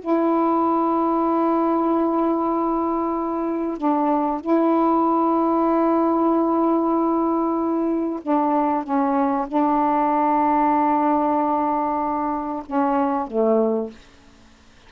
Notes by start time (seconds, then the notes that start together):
0.00 E4
3.78 D4
4.41 E4
8.22 D4
8.84 C#4
9.48 D4
12.66 C#4
13.27 A3